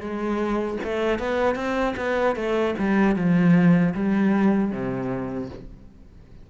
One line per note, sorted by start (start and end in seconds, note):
0.00 0.78 G#3
0.84 1.19 A3
1.19 1.55 B3
1.55 1.94 C4
1.97 2.36 B3
2.36 2.75 A3
2.79 3.16 G3
3.16 3.94 F3
3.94 4.71 G3
4.71 5.49 C3